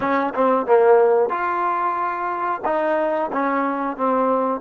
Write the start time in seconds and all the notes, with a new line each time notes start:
0.00 C#4
0.34 C4
0.66 A#3
1.29 F4
2.64 D#4
3.32 C#4
3.97 C4